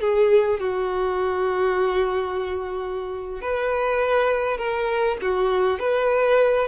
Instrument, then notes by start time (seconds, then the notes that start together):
violin
0.00 G#4
0.59 F#4
3.41 B4
4.57 A#4
5.21 F#4
5.79 B4